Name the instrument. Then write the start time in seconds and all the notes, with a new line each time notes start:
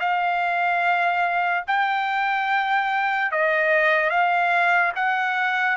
trumpet
0.00 F5
1.67 G5
3.31 D#5
4.10 F5
4.95 F#5